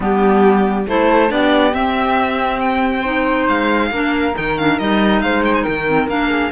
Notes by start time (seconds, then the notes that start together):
0.00 G3 B3 D4 G4
0.87 A3 E4 A4 C5
1.28 B3 D4 G4 D5
1.72 C4 E5
2.60 G5
3.01 D#4 C5
3.48 G#3 F5
3.90 A#3 D4 A#4
4.33 D#3 D#4 G5
4.57 D4 F5
4.79 G3 D#4 D#5
5.21 G#3 C5 F5
5.45 G5
5.54 G#5
5.62 D#3 A#4 G5
5.87 C4
6.07 A#3 D4 F5
6.28 G#4